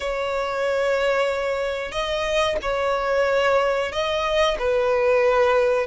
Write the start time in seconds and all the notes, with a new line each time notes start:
0.00 C#5
1.91 D#5
2.61 C#5
3.92 D#5
4.59 B4